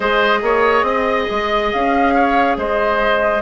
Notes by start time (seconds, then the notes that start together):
0.00 G#3 G#4 C5 D#5
0.42 A#3 C#5
0.82 C4 D#5
1.30 G#3
1.72 C#4 F5
2.14 C#5
2.56 G#3 C5 D#5